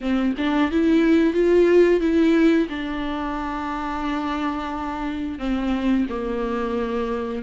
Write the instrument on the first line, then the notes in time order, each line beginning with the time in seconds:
viola
0.00 C4
0.37 D4
0.71 E4
1.33 F4
2.00 E4
2.69 D4
5.38 C4
6.09 A#3